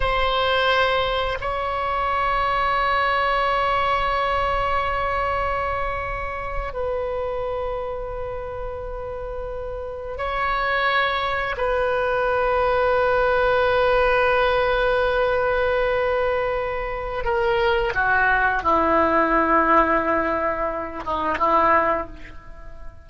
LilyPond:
\new Staff \with { instrumentName = "oboe" } { \time 4/4 \tempo 4 = 87 c''2 cis''2~ | cis''1~ | cis''4.~ cis''16 b'2~ b'16~ | b'2~ b'8. cis''4~ cis''16~ |
cis''8. b'2.~ b'16~ | b'1~ | b'4 ais'4 fis'4 e'4~ | e'2~ e'8 dis'8 e'4 | }